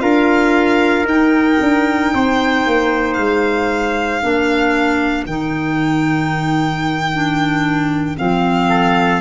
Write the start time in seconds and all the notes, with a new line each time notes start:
0.00 D4 F4 A#4 F5
1.04 D#4 G5
1.60 D4
2.13 C4 C5
2.66 A#3
3.13 G#3 F5
4.22 A#3 D4 A#4
5.26 D#3 D#4 G5
7.13 D4
8.17 F3 C4 F5
8.68 A4